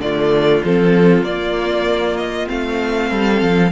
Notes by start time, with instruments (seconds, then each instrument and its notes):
0.00 cello D3, viola A3, violin F4 D5
0.64 cello F3, viola C4, violin A4
1.23 cello A#3, viola A#3, violin D5
2.17 violin D#5
2.47 cello A3, viola C4, violin F5
3.10 cello G3, violin A4
3.42 cello F3